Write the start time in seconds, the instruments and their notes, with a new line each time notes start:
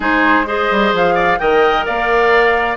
0.00 bassoon G#3, clarinet D#4, oboe G#4, flute C5
0.45 clarinet G#4, oboe C5, flute D#5
0.70 bassoon G3
0.92 bassoon F3, flute F5
1.14 oboe D5
1.38 bassoon D#3, clarinet A#4, oboe D#5, flute G5
1.85 bassoon A#3, oboe D5, flute F5